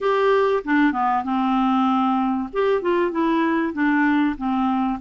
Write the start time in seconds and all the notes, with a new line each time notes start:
0.00 G4
0.64 D4
0.92 B3
1.24 C4
2.53 G4
2.81 F4
3.11 E4
3.73 D4
4.37 C4